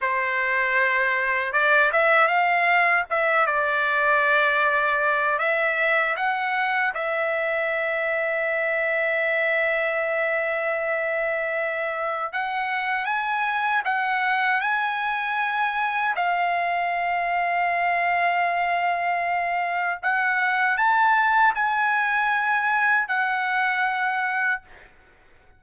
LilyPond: \new Staff \with { instrumentName = "trumpet" } { \time 4/4 \tempo 4 = 78 c''2 d''8 e''8 f''4 | e''8 d''2~ d''8 e''4 | fis''4 e''2.~ | e''1 |
fis''4 gis''4 fis''4 gis''4~ | gis''4 f''2.~ | f''2 fis''4 a''4 | gis''2 fis''2 | }